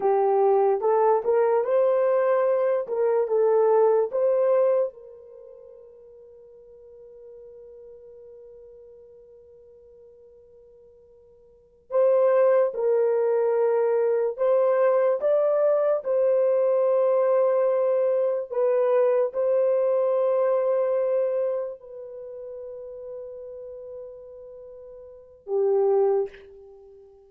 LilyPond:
\new Staff \with { instrumentName = "horn" } { \time 4/4 \tempo 4 = 73 g'4 a'8 ais'8 c''4. ais'8 | a'4 c''4 ais'2~ | ais'1~ | ais'2~ ais'8 c''4 ais'8~ |
ais'4. c''4 d''4 c''8~ | c''2~ c''8 b'4 c''8~ | c''2~ c''8 b'4.~ | b'2. g'4 | }